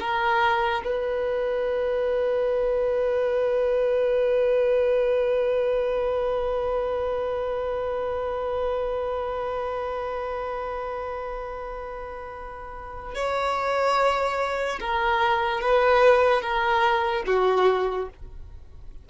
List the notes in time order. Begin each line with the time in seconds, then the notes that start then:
0.00 A#4
0.84 B4
13.15 C#5
14.80 A#4
15.61 B4
16.42 A#4
17.26 F#4